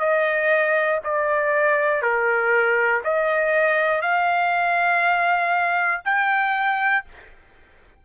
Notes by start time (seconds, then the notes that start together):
0.00 D#5
1.05 D5
2.02 A#4
3.04 D#5
4.02 F5
6.05 G5